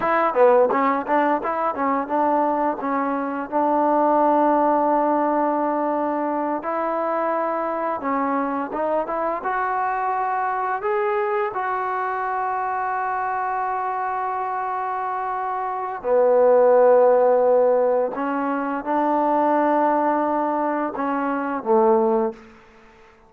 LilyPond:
\new Staff \with { instrumentName = "trombone" } { \time 4/4 \tempo 4 = 86 e'8 b8 cis'8 d'8 e'8 cis'8 d'4 | cis'4 d'2.~ | d'4. e'2 cis'8~ | cis'8 dis'8 e'8 fis'2 gis'8~ |
gis'8 fis'2.~ fis'8~ | fis'2. b4~ | b2 cis'4 d'4~ | d'2 cis'4 a4 | }